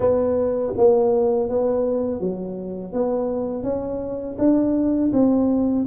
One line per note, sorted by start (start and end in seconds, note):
0.00 0.73 B3
0.77 1.49 A#3
1.49 2.20 B3
2.20 2.92 F#3
2.92 3.63 B3
3.63 4.36 C#4
4.38 5.11 D4
5.13 5.86 C4